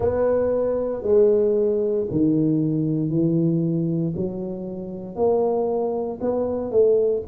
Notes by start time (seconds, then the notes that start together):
0.00 B3
1.03 G#3
2.10 D#3
3.09 E3
4.16 F#3
5.15 A#3
6.21 B3
6.71 A3